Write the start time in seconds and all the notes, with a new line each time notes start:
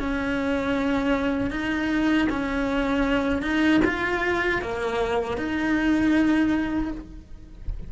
0.00 C#4
1.51 D#4
2.30 C#4
3.42 D#4
3.85 F4
4.62 A#3
5.38 D#4